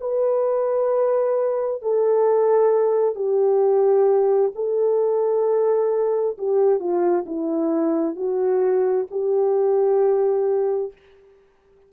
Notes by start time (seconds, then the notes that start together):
0.00 B4
1.82 A4
3.15 G4
4.55 A4
6.38 G4
6.79 F4
7.26 E4
8.16 F#4
9.10 G4